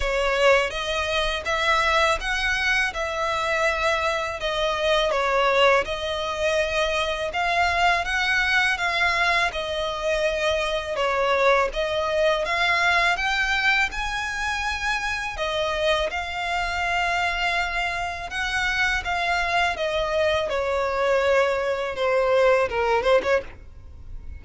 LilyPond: \new Staff \with { instrumentName = "violin" } { \time 4/4 \tempo 4 = 82 cis''4 dis''4 e''4 fis''4 | e''2 dis''4 cis''4 | dis''2 f''4 fis''4 | f''4 dis''2 cis''4 |
dis''4 f''4 g''4 gis''4~ | gis''4 dis''4 f''2~ | f''4 fis''4 f''4 dis''4 | cis''2 c''4 ais'8 c''16 cis''16 | }